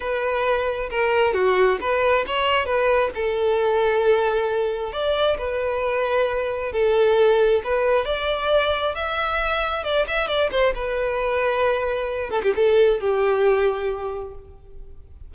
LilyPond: \new Staff \with { instrumentName = "violin" } { \time 4/4 \tempo 4 = 134 b'2 ais'4 fis'4 | b'4 cis''4 b'4 a'4~ | a'2. d''4 | b'2. a'4~ |
a'4 b'4 d''2 | e''2 d''8 e''8 d''8 c''8 | b'2.~ b'8 a'16 g'16 | a'4 g'2. | }